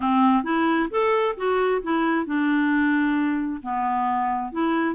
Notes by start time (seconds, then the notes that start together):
0.00 C4
0.43 E4
0.90 A4
1.37 F#4
1.82 E4
2.26 D4
3.62 B3
4.52 E4